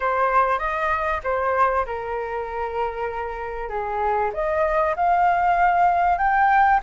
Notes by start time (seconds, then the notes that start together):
0.00 C5
0.58 D#5
1.23 C5
1.86 A#4
3.69 G#4
4.33 D#5
4.95 F5
6.18 G5